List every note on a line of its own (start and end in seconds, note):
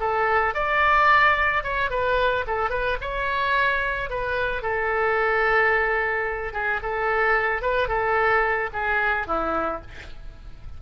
0.00 0.54 A4
0.54 1.63 D5
1.64 1.90 C#5
1.90 2.45 B4
2.47 2.70 A4
2.70 2.97 B4
3.01 4.10 C#5
4.10 4.62 B4
4.62 6.53 A4
6.53 6.80 G#4
6.83 7.62 A4
7.62 7.88 B4
7.88 8.70 A4
8.73 9.27 G#4
9.27 9.81 E4